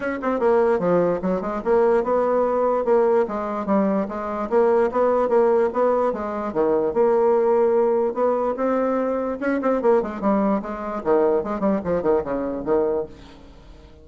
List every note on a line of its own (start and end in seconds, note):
0.00 0.18 C#4
0.22 0.39 C4
0.39 0.79 A#3
0.79 1.20 F3
1.22 1.41 F#3
1.41 1.61 G#3
1.64 2.03 A#3
2.03 2.84 B3
2.84 3.25 A#3
3.28 3.65 G#3
3.65 4.06 G3
4.08 4.49 G#3
4.49 4.90 A#3
4.91 5.28 B3
5.28 5.69 A#3
5.73 6.12 B3
6.12 6.53 G#3
6.53 6.93 D#3
6.93 8.13 A#3
8.13 8.54 B3
8.56 9.38 C4
9.40 9.60 C#4
9.61 9.81 C4
9.82 10.02 A#3
10.02 10.20 G#3
10.20 10.61 G3
10.62 11.03 G#3
11.03 11.43 D#3
11.43 11.60 G#3
11.60 11.80 G3
11.84 12.02 F3
12.02 12.22 D#3
12.24 12.64 C#3
12.64 13.05 D#3